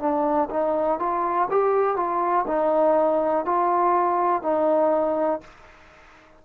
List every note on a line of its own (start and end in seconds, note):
0.00 0.49 D4
0.51 1.00 D#4
1.00 1.49 F4
1.51 1.97 G4
1.97 2.46 F4
2.48 3.46 D#4
3.46 4.43 F4
4.43 5.41 D#4